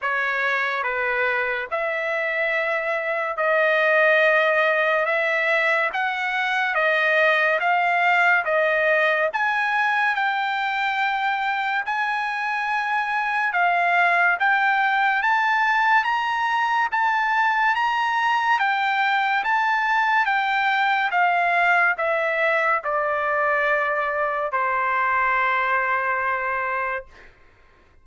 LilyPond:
\new Staff \with { instrumentName = "trumpet" } { \time 4/4 \tempo 4 = 71 cis''4 b'4 e''2 | dis''2 e''4 fis''4 | dis''4 f''4 dis''4 gis''4 | g''2 gis''2 |
f''4 g''4 a''4 ais''4 | a''4 ais''4 g''4 a''4 | g''4 f''4 e''4 d''4~ | d''4 c''2. | }